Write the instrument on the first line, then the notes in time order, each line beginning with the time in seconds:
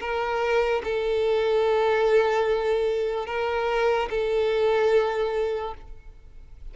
violin
0.00 A#4
0.84 A4
3.27 A#4
4.10 A4